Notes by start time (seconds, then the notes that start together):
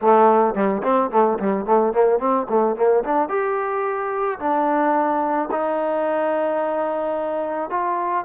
0.01 A3
0.54 G3
0.83 C4
1.11 A3
1.38 G3
1.65 A3
1.93 A#3
2.19 C4
2.49 A3
2.76 A#3
3.04 D4
3.28 G4
4.39 D4
5.51 D#4
7.70 F4